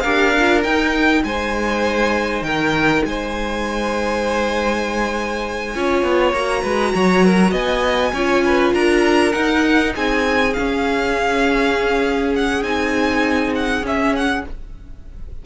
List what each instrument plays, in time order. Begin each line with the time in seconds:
0.00 cello D4, viola G4, violin A#4 F5
0.38 viola F4
0.63 viola D#4, cello D#4, violin G5
1.24 cello G#3, violin C5 G#5
2.42 cello D#3, violin A#4 G5
3.05 cello G#3, violin C5 G#5
5.75 cello C#4, viola F4, violin C#5
6.03 cello B3
6.33 cello A#3, viola F#4, violin A#5
6.62 cello G#3, violin B4
6.95 cello F#3, violin C#5
7.25 violin A#4
7.51 cello B3, violin D#5 G#5
8.12 cello C#4, viola F4, violin C#5
8.45 violin B4
8.73 cello D4, violin A#4 A#5
9.32 viola D#4, cello D#4, violin F#5
9.95 cello C4, violin G#4 G#5
10.53 cello C#4, viola C#4, violin F5
12.36 violin F#5
12.62 cello C4, viola D#4, violin G#5
13.55 violin F#5
13.82 cello C#4, viola C#4, violin E5
14.15 violin F#5